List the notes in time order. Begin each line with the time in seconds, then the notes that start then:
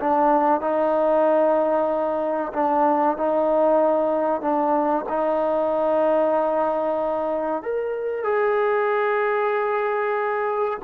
0.00 D4
0.61 D#4
2.53 D4
3.17 D#4
4.41 D4
5.09 D#4
7.62 A#4
8.24 G#4